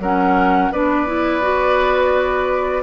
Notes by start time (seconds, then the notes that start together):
0.00 F#3 C#4 A#4 F#5
0.72 B3 D4 B4 D5
1.07 E4
1.41 F#4